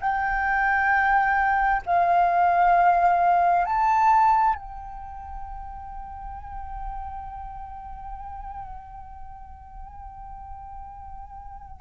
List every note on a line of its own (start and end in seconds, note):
0.00 1.82 G5
1.86 3.65 F5
3.65 4.55 A5
4.55 11.81 G5